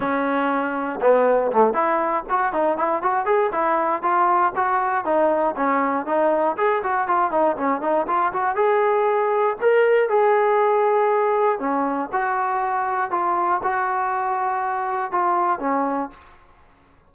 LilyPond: \new Staff \with { instrumentName = "trombone" } { \time 4/4 \tempo 4 = 119 cis'2 b4 a8 e'8~ | e'8 fis'8 dis'8 e'8 fis'8 gis'8 e'4 | f'4 fis'4 dis'4 cis'4 | dis'4 gis'8 fis'8 f'8 dis'8 cis'8 dis'8 |
f'8 fis'8 gis'2 ais'4 | gis'2. cis'4 | fis'2 f'4 fis'4~ | fis'2 f'4 cis'4 | }